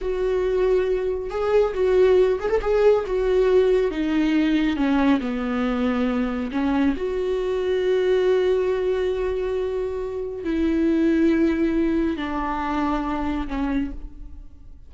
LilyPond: \new Staff \with { instrumentName = "viola" } { \time 4/4 \tempo 4 = 138 fis'2. gis'4 | fis'4. gis'16 a'16 gis'4 fis'4~ | fis'4 dis'2 cis'4 | b2. cis'4 |
fis'1~ | fis'1 | e'1 | d'2. cis'4 | }